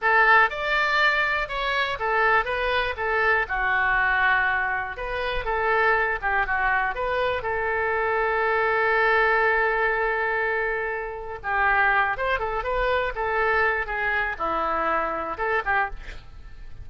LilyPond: \new Staff \with { instrumentName = "oboe" } { \time 4/4 \tempo 4 = 121 a'4 d''2 cis''4 | a'4 b'4 a'4 fis'4~ | fis'2 b'4 a'4~ | a'8 g'8 fis'4 b'4 a'4~ |
a'1~ | a'2. g'4~ | g'8 c''8 a'8 b'4 a'4. | gis'4 e'2 a'8 g'8 | }